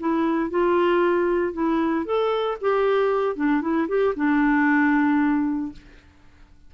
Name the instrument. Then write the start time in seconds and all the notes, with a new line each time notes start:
clarinet
0.00 E4
0.50 F4
1.53 E4
2.05 A4
2.61 G4
3.36 D4
3.61 E4
3.88 G4
4.16 D4